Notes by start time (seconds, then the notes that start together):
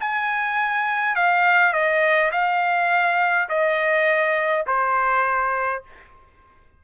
0.00 G#5
1.15 F5
1.73 D#5
2.32 F5
3.49 D#5
4.67 C5